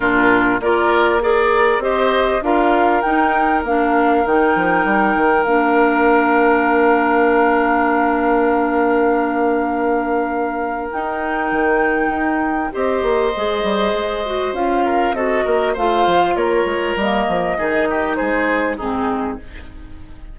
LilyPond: <<
  \new Staff \with { instrumentName = "flute" } { \time 4/4 \tempo 4 = 99 ais'4 d''4 ais'4 dis''4 | f''4 g''4 f''4 g''4~ | g''4 f''2.~ | f''1~ |
f''2 g''2~ | g''4 dis''2. | f''4 dis''4 f''4 cis''4 | dis''2 c''4 gis'4 | }
  \new Staff \with { instrumentName = "oboe" } { \time 4/4 f'4 ais'4 d''4 c''4 | ais'1~ | ais'1~ | ais'1~ |
ais'1~ | ais'4 c''2.~ | c''8 ais'8 a'8 ais'8 c''4 ais'4~ | ais'4 gis'8 g'8 gis'4 dis'4 | }
  \new Staff \with { instrumentName = "clarinet" } { \time 4/4 d'4 f'4 gis'4 g'4 | f'4 dis'4 d'4 dis'4~ | dis'4 d'2.~ | d'1~ |
d'2 dis'2~ | dis'4 g'4 gis'4. fis'8 | f'4 fis'4 f'2 | ais4 dis'2 c'4 | }
  \new Staff \with { instrumentName = "bassoon" } { \time 4/4 ais,4 ais2 c'4 | d'4 dis'4 ais4 dis8 f8 | g8 dis8 ais2.~ | ais1~ |
ais2 dis'4 dis4 | dis'4 c'8 ais8 gis8 g8 gis4 | cis'4 c'8 ais8 a8 f8 ais8 gis8 | g8 f8 dis4 gis4 gis,4 | }
>>